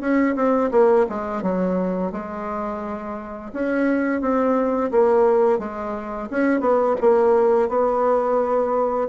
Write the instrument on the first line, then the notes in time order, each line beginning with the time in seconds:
bassoon
0.00 C#4
0.35 C4
0.71 A#3
1.09 G#3
1.42 F#3
2.12 G#3
3.53 C#4
4.21 C4
4.91 A#3
5.59 G#3
6.30 C#4
6.60 B3
7.01 A#3
7.69 B3